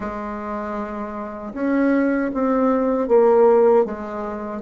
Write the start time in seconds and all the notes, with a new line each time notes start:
0.00 G#3
1.54 C#4
2.33 C4
3.08 A#3
3.85 G#3